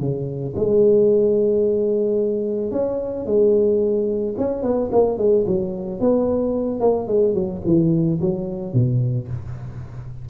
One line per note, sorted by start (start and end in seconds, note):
0.00 0.55 C#3
0.56 2.72 G#3
2.72 3.26 C#4
3.26 4.35 G#3
4.38 4.63 C#4
4.63 4.90 B3
4.92 5.18 A#3
5.18 5.45 G#3
5.47 6.00 F#3
6.00 6.81 B3
6.81 7.08 A#3
7.08 7.35 G#3
7.35 7.62 F#3
7.66 8.20 E3
8.21 8.74 F#3
8.74 9.29 B2